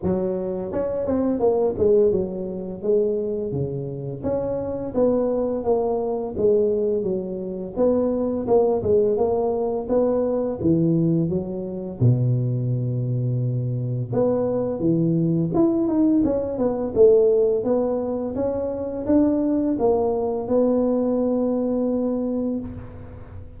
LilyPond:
\new Staff \with { instrumentName = "tuba" } { \time 4/4 \tempo 4 = 85 fis4 cis'8 c'8 ais8 gis8 fis4 | gis4 cis4 cis'4 b4 | ais4 gis4 fis4 b4 | ais8 gis8 ais4 b4 e4 |
fis4 b,2. | b4 e4 e'8 dis'8 cis'8 b8 | a4 b4 cis'4 d'4 | ais4 b2. | }